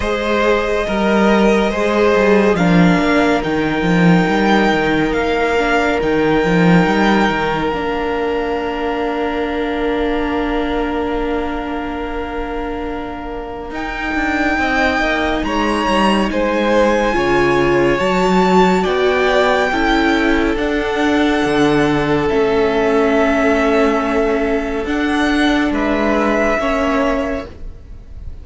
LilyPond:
<<
  \new Staff \with { instrumentName = "violin" } { \time 4/4 \tempo 4 = 70 dis''2. f''4 | g''2 f''4 g''4~ | g''4 f''2.~ | f''1 |
g''2 ais''4 gis''4~ | gis''4 a''4 g''2 | fis''2 e''2~ | e''4 fis''4 e''2 | }
  \new Staff \with { instrumentName = "violin" } { \time 4/4 c''4 ais'4 c''4 ais'4~ | ais'1~ | ais'1~ | ais'1~ |
ais'4 dis''4 cis''4 c''4 | cis''2 d''4 a'4~ | a'1~ | a'2 b'4 cis''4 | }
  \new Staff \with { instrumentName = "viola" } { \time 4/4 gis'4 ais'4 gis'4 d'4 | dis'2~ dis'8 d'8 dis'4~ | dis'4 d'2.~ | d'1 |
dis'1 | f'4 fis'2 e'4 | d'2 cis'2~ | cis'4 d'2 cis'4 | }
  \new Staff \with { instrumentName = "cello" } { \time 4/4 gis4 g4 gis8 g8 f8 ais8 | dis8 f8 g8 dis8 ais4 dis8 f8 | g8 dis8 ais2.~ | ais1 |
dis'8 d'8 c'8 ais8 gis8 g8 gis4 | cis4 fis4 b4 cis'4 | d'4 d4 a2~ | a4 d'4 gis4 ais4 | }
>>